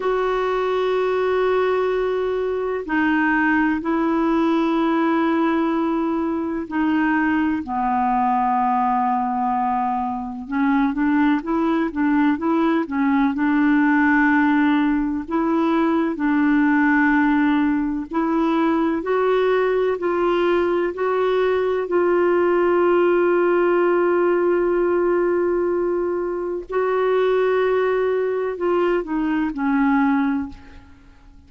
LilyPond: \new Staff \with { instrumentName = "clarinet" } { \time 4/4 \tempo 4 = 63 fis'2. dis'4 | e'2. dis'4 | b2. cis'8 d'8 | e'8 d'8 e'8 cis'8 d'2 |
e'4 d'2 e'4 | fis'4 f'4 fis'4 f'4~ | f'1 | fis'2 f'8 dis'8 cis'4 | }